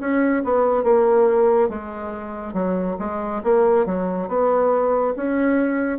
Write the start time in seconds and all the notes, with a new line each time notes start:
0.00 C#4
0.44 B3
0.83 A#3
1.69 G#3
2.54 F#3
2.99 G#3
3.43 A#3
3.86 F#3
4.28 B3
5.16 C#4